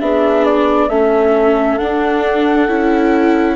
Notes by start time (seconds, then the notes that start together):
0.00 B3 D4 G#4 E5
0.45 D5
0.89 A3 C#4 A4 E5
1.78 D4 F#5
2.68 C#4 E4